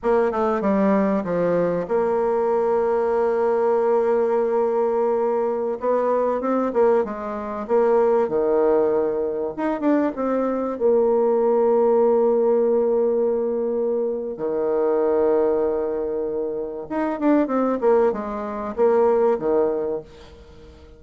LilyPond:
\new Staff \with { instrumentName = "bassoon" } { \time 4/4 \tempo 4 = 96 ais8 a8 g4 f4 ais4~ | ais1~ | ais4~ ais16 b4 c'8 ais8 gis8.~ | gis16 ais4 dis2 dis'8 d'16~ |
d'16 c'4 ais2~ ais8.~ | ais2. dis4~ | dis2. dis'8 d'8 | c'8 ais8 gis4 ais4 dis4 | }